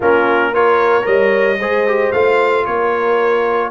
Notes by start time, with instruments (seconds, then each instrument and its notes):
0.00 tuba A#3, trombone C#4, horn F4, trumpet A#4
0.53 trombone F4, horn A#4, trumpet C#5
1.02 tuba G3, trombone A#4, horn C#5, trumpet D#5
1.58 tuba G#3, trombone G#4, horn C5
1.87 trombone G4
2.12 tuba A3, trombone F4, trumpet F5
2.65 tuba A#3, horn A#4, trumpet C#5